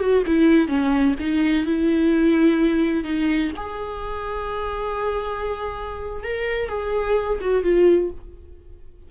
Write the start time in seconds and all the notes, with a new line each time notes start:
0.00 F#4
0.27 E4
0.68 C#4
1.20 D#4
1.66 E4
3.04 D#4
3.57 G#4
6.24 A#4
6.69 G#4
7.41 F#4
7.63 F4